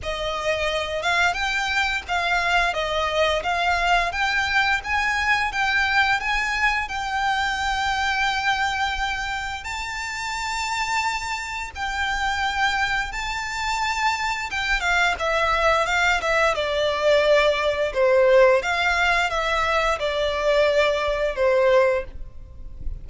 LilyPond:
\new Staff \with { instrumentName = "violin" } { \time 4/4 \tempo 4 = 87 dis''4. f''8 g''4 f''4 | dis''4 f''4 g''4 gis''4 | g''4 gis''4 g''2~ | g''2 a''2~ |
a''4 g''2 a''4~ | a''4 g''8 f''8 e''4 f''8 e''8 | d''2 c''4 f''4 | e''4 d''2 c''4 | }